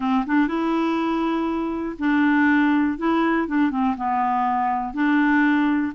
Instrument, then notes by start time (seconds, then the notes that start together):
clarinet
0.00 C4
0.26 D4
0.47 E4
1.98 D4
2.98 E4
3.47 D4
3.70 C4
3.97 B3
4.93 D4